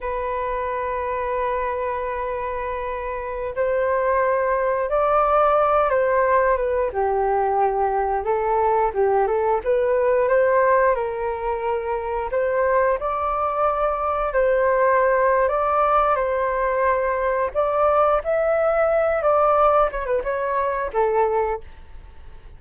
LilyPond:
\new Staff \with { instrumentName = "flute" } { \time 4/4 \tempo 4 = 89 b'1~ | b'4~ b'16 c''2 d''8.~ | d''8. c''4 b'8 g'4.~ g'16~ | g'16 a'4 g'8 a'8 b'4 c''8.~ |
c''16 ais'2 c''4 d''8.~ | d''4~ d''16 c''4.~ c''16 d''4 | c''2 d''4 e''4~ | e''8 d''4 cis''16 b'16 cis''4 a'4 | }